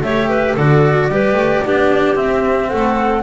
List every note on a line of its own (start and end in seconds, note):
0.00 0.54 A3
0.00 0.57 G4
0.00 0.29 C#5
0.00 0.56 E5
0.29 0.55 B4
0.55 1.08 D3
0.55 1.11 F#4
0.55 1.09 A4
0.55 2.16 D5
1.08 1.32 G3
1.08 1.65 G4
1.08 1.65 B4
1.32 1.59 A3
1.65 2.17 B3
1.65 2.15 D4
1.65 2.68 G4
2.15 3.23 C4
2.15 2.71 C4
2.15 2.69 E5
2.68 3.23 A3
2.68 3.23 A4
2.68 3.23 F#5